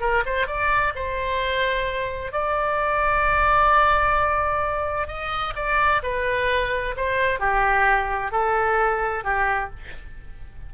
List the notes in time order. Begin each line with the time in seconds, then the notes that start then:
0.00 A#4
0.25 C5
0.47 D5
0.95 C5
2.31 D5
5.07 D#5
5.55 D5
6.02 B4
6.96 C5
7.39 G4
8.31 A4
9.23 G4